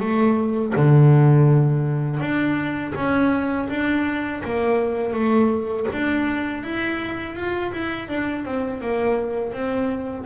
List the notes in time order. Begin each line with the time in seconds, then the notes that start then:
0.00 A3
0.76 D3
2.20 D4
2.95 C#4
3.70 D4
4.44 A#3
5.13 A3
5.92 D4
6.63 E4
7.36 F4
7.73 E4
8.08 D4
8.45 C4
8.81 A#3
9.53 C4